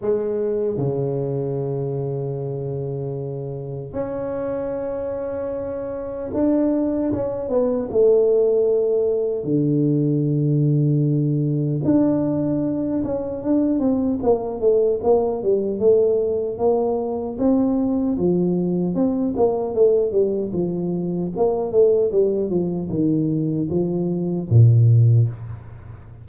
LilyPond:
\new Staff \with { instrumentName = "tuba" } { \time 4/4 \tempo 4 = 76 gis4 cis2.~ | cis4 cis'2. | d'4 cis'8 b8 a2 | d2. d'4~ |
d'8 cis'8 d'8 c'8 ais8 a8 ais8 g8 | a4 ais4 c'4 f4 | c'8 ais8 a8 g8 f4 ais8 a8 | g8 f8 dis4 f4 ais,4 | }